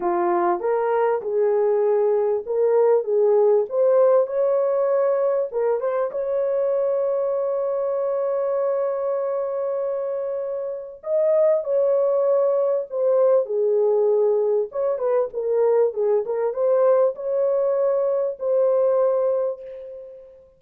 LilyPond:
\new Staff \with { instrumentName = "horn" } { \time 4/4 \tempo 4 = 98 f'4 ais'4 gis'2 | ais'4 gis'4 c''4 cis''4~ | cis''4 ais'8 c''8 cis''2~ | cis''1~ |
cis''2 dis''4 cis''4~ | cis''4 c''4 gis'2 | cis''8 b'8 ais'4 gis'8 ais'8 c''4 | cis''2 c''2 | }